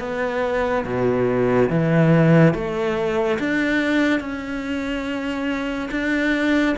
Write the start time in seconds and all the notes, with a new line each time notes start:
0.00 B3
0.85 B2
1.70 E3
2.54 A3
3.39 D4
4.20 C#4
5.92 D4